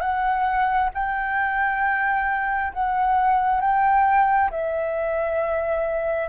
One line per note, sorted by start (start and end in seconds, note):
0.00 0.90 F#5
0.94 2.73 G5
2.73 3.61 F#5
3.61 4.50 G5
4.50 6.28 E5